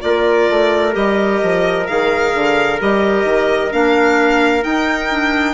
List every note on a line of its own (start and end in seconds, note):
0.00 0.49 A#3
0.00 0.92 F4
0.00 5.54 A#4
0.00 0.93 D5
0.49 0.95 A3
0.92 1.41 G3
0.92 1.84 G4
0.92 1.87 D#5
1.42 1.88 F3
1.87 2.33 D#3
1.87 2.79 G#4
1.87 2.79 F5
2.33 2.80 D3
2.80 3.24 G3
2.80 3.71 G4
2.80 3.72 D#5
3.24 3.70 D#3
3.71 4.64 A#3
3.71 4.62 D4
3.71 4.63 F5
4.62 5.08 D#4
4.62 5.54 D#4
4.62 5.54 G5
5.09 5.54 D4